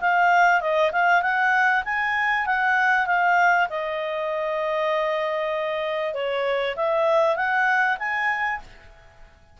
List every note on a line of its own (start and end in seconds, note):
0.00 0.60 F5
0.60 0.91 D#5
0.92 1.21 F5
1.21 1.83 F#5
1.84 2.45 G#5
2.45 3.06 F#5
3.06 3.67 F5
3.69 6.14 D#5
6.14 6.75 C#5
6.75 7.36 E5
7.36 7.97 F#5
7.98 8.60 G#5